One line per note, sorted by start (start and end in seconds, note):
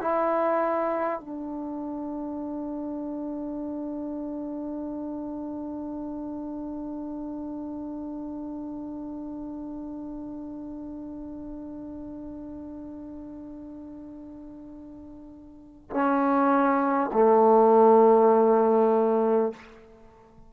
0.00 1.19 E4
1.19 15.89 D4
15.90 17.10 C#4
17.13 19.53 A3